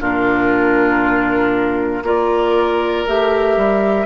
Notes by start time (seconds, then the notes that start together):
0.00 A#2 D4 F4 A#4
2.03 A#3 F4 A#4 D5
3.06 A3 G4 E5
3.57 G3